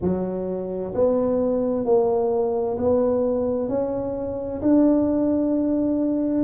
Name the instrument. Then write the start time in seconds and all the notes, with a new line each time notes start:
tuba
0.01 F#3
0.94 B3
1.85 A#3
2.77 B3
3.68 C#4
4.61 D4